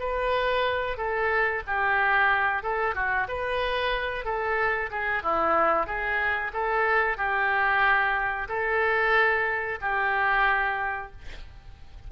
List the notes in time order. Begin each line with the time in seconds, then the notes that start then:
0.00 B4
0.98 A4
1.67 G4
2.63 A4
2.95 F#4
3.28 B4
4.25 A4
4.91 G#4
5.23 E4
5.87 G#4
6.54 A4
7.18 G4
8.49 A4
9.82 G4